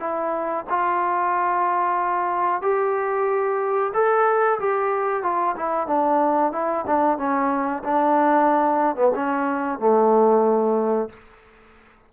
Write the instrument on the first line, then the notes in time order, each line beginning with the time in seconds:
trombone
0.00 E4
0.70 F4
2.62 G4
3.94 A4
4.60 G4
5.23 F4
5.56 E4
5.87 D4
6.53 E4
6.87 D4
7.18 C#4
7.84 D4
8.96 B3
9.16 C#4
9.79 A3